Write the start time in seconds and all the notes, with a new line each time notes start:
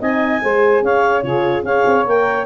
0.00 C4 D#4 D#5 G#5
0.42 G#3 G#4 C5
0.82 C#4 C#5 F5
1.22 C#3 F4 G#4 C#5
1.64 C#4 G#4 C#5 F5
1.86 C4
2.05 A#3 A#4 G5